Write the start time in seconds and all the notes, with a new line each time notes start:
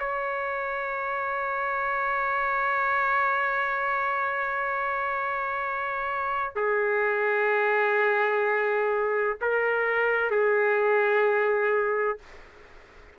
0.00 C#5
6.56 G#4
9.42 A#4
10.31 G#4